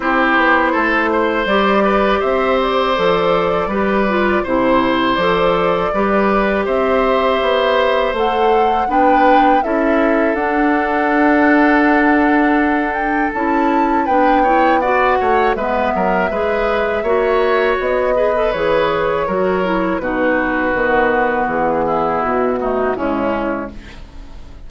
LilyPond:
<<
  \new Staff \with { instrumentName = "flute" } { \time 4/4 \tempo 4 = 81 c''2 d''4 e''8 d''8~ | d''2 c''4 d''4~ | d''4 e''2 fis''4 | g''4 e''4 fis''2~ |
fis''4. g''8 a''4 g''4 | fis''4 e''2. | dis''4 cis''2 b'4~ | b'4 gis'4 fis'4 e'4 | }
  \new Staff \with { instrumentName = "oboe" } { \time 4/4 g'4 a'8 c''4 b'8 c''4~ | c''4 b'4 c''2 | b'4 c''2. | b'4 a'2.~ |
a'2. b'8 cis''8 | d''8 cis''8 b'8 ais'8 b'4 cis''4~ | cis''8 b'4. ais'4 fis'4~ | fis'4. e'4 dis'8 cis'4 | }
  \new Staff \with { instrumentName = "clarinet" } { \time 4/4 e'2 g'2 | a'4 g'8 f'8 e'4 a'4 | g'2. a'4 | d'4 e'4 d'2~ |
d'2 e'4 d'8 e'8 | fis'4 b4 gis'4 fis'4~ | fis'8 gis'16 a'16 gis'4 fis'8 e'8 dis'4 | b2~ b8 a8 gis4 | }
  \new Staff \with { instrumentName = "bassoon" } { \time 4/4 c'8 b8 a4 g4 c'4 | f4 g4 c4 f4 | g4 c'4 b4 a4 | b4 cis'4 d'2~ |
d'2 cis'4 b4~ | b8 a8 gis8 fis8 gis4 ais4 | b4 e4 fis4 b,4 | dis4 e4 b,4 cis4 | }
>>